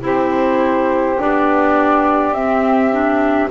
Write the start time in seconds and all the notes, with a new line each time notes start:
0.00 C4 E4 G4 C5
1.19 B3 D4 D5
2.31 C4 E5
2.92 D4